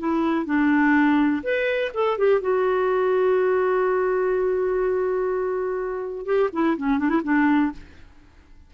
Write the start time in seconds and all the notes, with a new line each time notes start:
0.00 E4
0.46 D4
1.44 B4
1.94 A4
2.19 G4
2.41 F#4
6.26 G4
6.53 E4
6.78 C#4
6.99 D4
7.10 E4
7.24 D4